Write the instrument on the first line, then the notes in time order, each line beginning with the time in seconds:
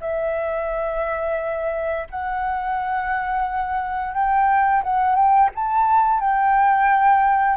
flute
0.00 E5
2.10 F#5
4.13 G5
4.83 F#5
5.15 G5
5.55 A5
6.20 G5